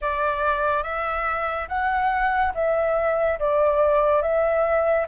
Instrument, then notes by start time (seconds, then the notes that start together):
flute
0.01 D5
0.83 E5
1.68 F#5
2.54 E5
3.39 D5
4.22 E5